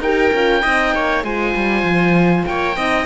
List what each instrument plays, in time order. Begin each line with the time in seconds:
0.00 cello D#4, horn G4, viola A#4, oboe G5
0.33 cello C#4, horn F4
0.62 cello C4, horn D#4, viola D#5
0.95 cello A#3, viola C#5
1.24 cello G#3, horn F4, viola C5, oboe G#5
1.56 cello G3
1.84 cello F3
2.47 cello A#3, viola C#5, oboe G5
2.77 cello C4, horn D#4, viola D#5